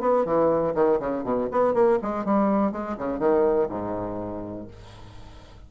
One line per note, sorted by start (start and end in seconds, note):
0.00 0.25 B3
0.25 0.74 E3
0.74 0.99 D#3
0.99 1.24 C#3
1.24 1.48 B2
1.51 1.74 B3
1.74 1.99 A#3
2.02 2.25 G#3
2.25 2.72 G3
2.72 2.96 G#3
2.98 3.19 C#3
3.19 3.68 D#3
3.69 4.67 G#2